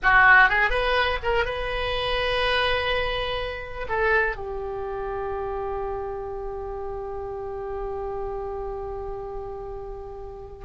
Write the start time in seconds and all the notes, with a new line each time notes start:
0.02 F#4
0.49 G#4
0.70 B4
1.22 A#4
1.45 B4
3.88 A4
4.36 G4